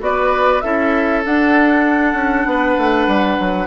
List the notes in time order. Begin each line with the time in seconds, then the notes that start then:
0.00 B3 F#4 B4 D5
0.60 C#4 E4 A4 E5
1.24 D4 F#5
2.14 C#4
2.45 B3 B4
2.78 A3
3.07 G3
3.39 F#3